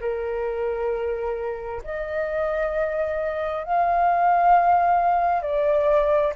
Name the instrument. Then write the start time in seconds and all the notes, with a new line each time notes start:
flute
0.00 A#4
1.83 D#5
3.64 F5
5.43 D5